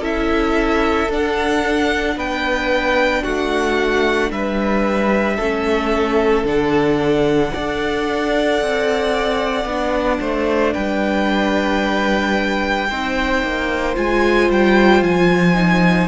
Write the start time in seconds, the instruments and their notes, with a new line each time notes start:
0.00 cello C#4, viola E4, violin A4 E5
1.09 cello D4, viola D4, violin F#5
2.16 cello B3, violin B4 G5
3.23 cello A3, violin F#4 F#5
4.31 cello G3, violin B4 E5
5.37 cello A3, viola C#4, violin A4
6.44 cello D3, viola D4, violin F#5
7.53 cello D4, viola A4, violin D5
8.62 cello C4
9.65 cello B3, viola D4
10.20 cello A3, violin C5
10.73 cello G3, violin B4 G5
12.90 cello C4, viola D#4, violin C5
13.43 cello A#3
13.95 cello G#3, viola F4, violin G#5
14.50 cello G3, violin G5
15.02 cello F3, violin G#5
15.54 viola D#4